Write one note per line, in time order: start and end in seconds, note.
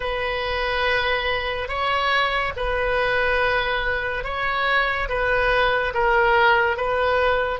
0.00 1.68 B4
1.68 2.52 C#5
2.56 4.23 B4
4.23 5.08 C#5
5.08 5.93 B4
5.94 6.76 A#4
6.76 7.59 B4